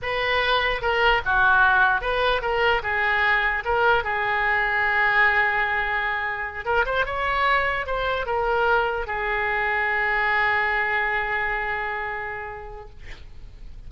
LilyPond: \new Staff \with { instrumentName = "oboe" } { \time 4/4 \tempo 4 = 149 b'2 ais'4 fis'4~ | fis'4 b'4 ais'4 gis'4~ | gis'4 ais'4 gis'2~ | gis'1~ |
gis'8 ais'8 c''8 cis''2 c''8~ | c''8 ais'2 gis'4.~ | gis'1~ | gis'1 | }